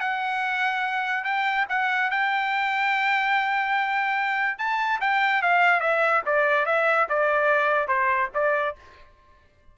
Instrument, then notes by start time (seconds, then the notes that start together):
trumpet
0.00 F#5
1.24 G5
1.69 F#5
2.10 G5
4.58 A5
5.00 G5
5.42 F5
5.80 E5
6.25 D5
6.65 E5
7.09 D5
7.87 C5
8.34 D5